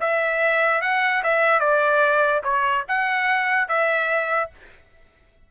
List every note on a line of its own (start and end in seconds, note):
0.00 0.81 E5
0.81 1.22 F#5
1.23 1.60 E5
1.60 2.42 D5
2.43 2.84 C#5
2.88 3.68 F#5
3.68 4.50 E5